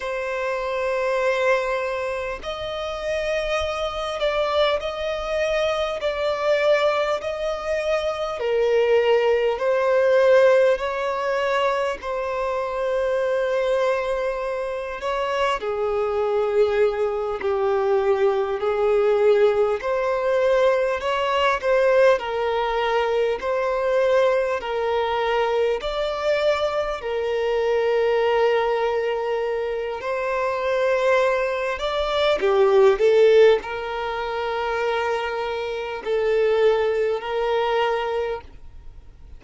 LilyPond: \new Staff \with { instrumentName = "violin" } { \time 4/4 \tempo 4 = 50 c''2 dis''4. d''8 | dis''4 d''4 dis''4 ais'4 | c''4 cis''4 c''2~ | c''8 cis''8 gis'4. g'4 gis'8~ |
gis'8 c''4 cis''8 c''8 ais'4 c''8~ | c''8 ais'4 d''4 ais'4.~ | ais'4 c''4. d''8 g'8 a'8 | ais'2 a'4 ais'4 | }